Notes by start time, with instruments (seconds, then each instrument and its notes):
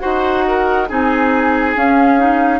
0.00 bassoon D#4, clarinet F#4, oboe C5, flute F#5
0.48 oboe A#4
0.89 bassoon C4, clarinet D#4, oboe G#4, flute G#5
1.76 clarinet C#4, bassoon C#4, flute F5
2.19 clarinet D#4